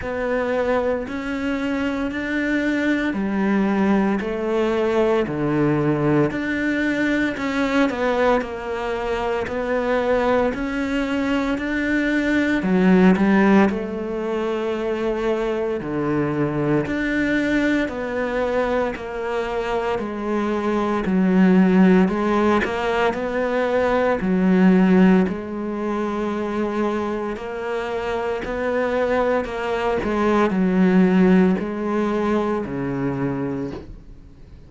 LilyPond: \new Staff \with { instrumentName = "cello" } { \time 4/4 \tempo 4 = 57 b4 cis'4 d'4 g4 | a4 d4 d'4 cis'8 b8 | ais4 b4 cis'4 d'4 | fis8 g8 a2 d4 |
d'4 b4 ais4 gis4 | fis4 gis8 ais8 b4 fis4 | gis2 ais4 b4 | ais8 gis8 fis4 gis4 cis4 | }